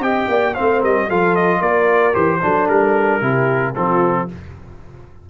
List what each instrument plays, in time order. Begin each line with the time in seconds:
0.00 tuba C4, trombone G4, horn D#5, trumpet G5
0.28 tuba A#3, horn D5
0.55 tuba A3, trombone C4, horn C5, trumpet F5
0.80 tuba G3, horn A#4, trumpet D#5
1.09 tuba F3, trombone F4, horn A4, trumpet F5
1.36 trumpet D#5
1.61 tuba A#3, horn A#4, trumpet D5
2.14 tuba E3, trombone G4, trumpet C5
2.43 tuba F#3, trombone D4, horn A4
2.69 tuba G3, trumpet A#4
3.22 tuba C3, trombone E4, horn G4
3.75 tuba F3, trombone C4, horn F4, trumpet A4